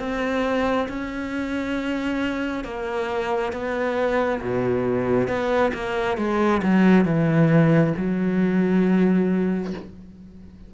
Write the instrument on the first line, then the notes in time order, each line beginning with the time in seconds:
cello
0.00 C4
0.89 C#4
2.65 A#3
3.53 B3
4.42 B2
5.28 B3
5.74 A#3
6.18 G#3
6.63 F#3
7.05 E3
7.97 F#3